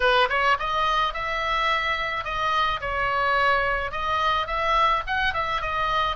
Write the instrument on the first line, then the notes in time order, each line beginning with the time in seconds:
oboe
0.00 B4
0.29 C#5
0.59 D#5
1.13 E5
2.24 D#5
2.80 C#5
3.91 D#5
4.47 E5
5.06 F#5
5.33 E5
5.61 D#5